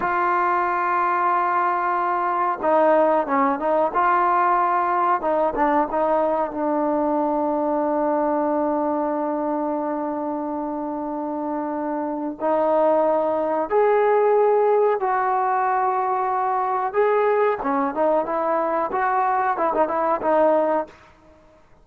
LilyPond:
\new Staff \with { instrumentName = "trombone" } { \time 4/4 \tempo 4 = 92 f'1 | dis'4 cis'8 dis'8 f'2 | dis'8 d'8 dis'4 d'2~ | d'1~ |
d'2. dis'4~ | dis'4 gis'2 fis'4~ | fis'2 gis'4 cis'8 dis'8 | e'4 fis'4 e'16 dis'16 e'8 dis'4 | }